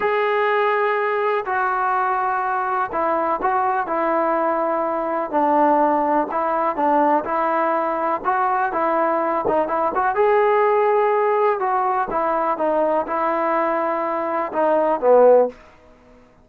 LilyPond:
\new Staff \with { instrumentName = "trombone" } { \time 4/4 \tempo 4 = 124 gis'2. fis'4~ | fis'2 e'4 fis'4 | e'2. d'4~ | d'4 e'4 d'4 e'4~ |
e'4 fis'4 e'4. dis'8 | e'8 fis'8 gis'2. | fis'4 e'4 dis'4 e'4~ | e'2 dis'4 b4 | }